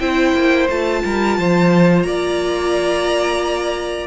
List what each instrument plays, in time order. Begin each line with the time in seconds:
0.00 cello C4, viola E4, violin C5 G5
0.35 cello A#3
0.69 cello A3, viola F4, violin A5
1.05 cello G3, violin A#4
1.39 cello F3, violin C5
2.03 cello A#3, violin D5 A#5